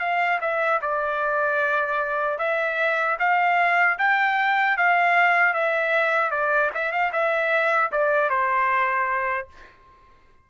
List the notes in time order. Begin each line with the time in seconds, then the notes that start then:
0.00 F5
0.41 E5
0.82 D5
2.39 E5
3.19 F5
3.99 G5
4.78 F5
5.54 E5
6.31 D5
6.75 E5
6.92 F5
7.13 E5
7.92 D5
8.30 C5